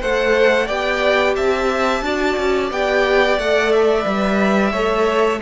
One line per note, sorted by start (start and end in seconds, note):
0.00 0.69 A3
0.00 0.68 A4
0.00 0.66 C5
0.00 0.67 F#5
0.66 1.36 B3
0.66 2.03 G4
0.66 1.33 D5
0.66 1.35 G5
1.35 2.02 C4
1.35 2.03 E5
1.35 2.70 A5
2.02 2.36 D4
2.02 2.70 F#4
2.02 4.72 D5
2.37 2.70 C#4
2.70 3.38 B3
2.70 3.39 G4
2.70 3.38 G5
3.38 4.05 A3
3.38 4.01 A4
3.38 3.72 F#5
3.72 5.41 E5
4.01 4.73 G3
4.01 4.68 B4
4.72 5.40 A3
4.72 5.41 A4
4.72 5.39 C#5